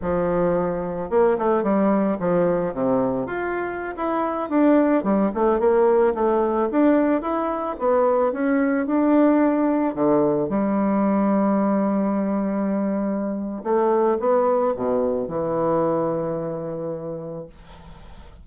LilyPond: \new Staff \with { instrumentName = "bassoon" } { \time 4/4 \tempo 4 = 110 f2 ais8 a8 g4 | f4 c4 f'4~ f'16 e'8.~ | e'16 d'4 g8 a8 ais4 a8.~ | a16 d'4 e'4 b4 cis'8.~ |
cis'16 d'2 d4 g8.~ | g1~ | g4 a4 b4 b,4 | e1 | }